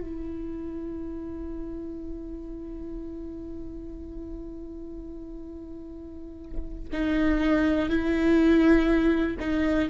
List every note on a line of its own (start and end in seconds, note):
0.00 6.89 E4
6.92 7.89 D#4
7.89 9.37 E4
9.39 9.89 D#4